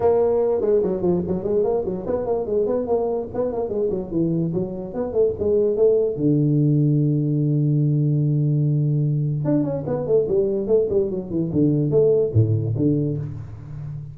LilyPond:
\new Staff \with { instrumentName = "tuba" } { \time 4/4 \tempo 4 = 146 ais4. gis8 fis8 f8 fis8 gis8 | ais8 fis8 b8 ais8 gis8 b8 ais4 | b8 ais8 gis8 fis8 e4 fis4 | b8 a8 gis4 a4 d4~ |
d1~ | d2. d'8 cis'8 | b8 a8 g4 a8 g8 fis8 e8 | d4 a4 a,4 d4 | }